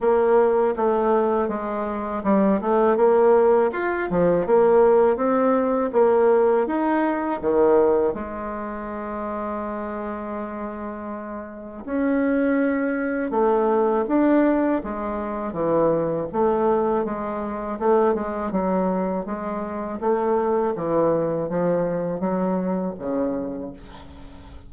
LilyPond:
\new Staff \with { instrumentName = "bassoon" } { \time 4/4 \tempo 4 = 81 ais4 a4 gis4 g8 a8 | ais4 f'8 f8 ais4 c'4 | ais4 dis'4 dis4 gis4~ | gis1 |
cis'2 a4 d'4 | gis4 e4 a4 gis4 | a8 gis8 fis4 gis4 a4 | e4 f4 fis4 cis4 | }